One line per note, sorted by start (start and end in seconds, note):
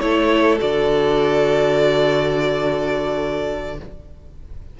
0.00 0.60 A3
0.00 0.58 E4
0.00 3.75 A4
0.00 0.58 C#5
0.58 3.79 D3
0.58 3.75 F#4
0.58 3.78 D5